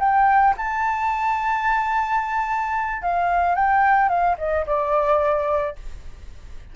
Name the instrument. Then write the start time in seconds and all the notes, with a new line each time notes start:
flute
0.00 G5
0.58 A5
3.02 F5
3.55 G5
4.09 F5
4.38 D#5
4.67 D5